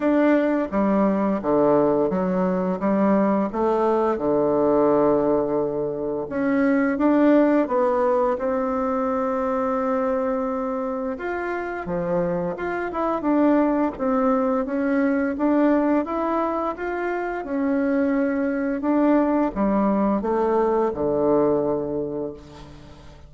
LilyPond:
\new Staff \with { instrumentName = "bassoon" } { \time 4/4 \tempo 4 = 86 d'4 g4 d4 fis4 | g4 a4 d2~ | d4 cis'4 d'4 b4 | c'1 |
f'4 f4 f'8 e'8 d'4 | c'4 cis'4 d'4 e'4 | f'4 cis'2 d'4 | g4 a4 d2 | }